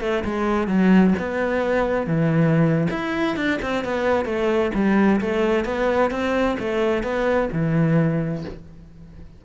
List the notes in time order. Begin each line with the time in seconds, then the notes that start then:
0.00 A3
0.24 G#3
0.67 F#3
1.18 B3
2.07 E3
2.90 E4
3.36 D4
3.61 C4
3.84 B3
4.25 A3
4.74 G3
5.20 A3
5.64 B3
6.10 C4
6.59 A3
7.03 B3
7.52 E3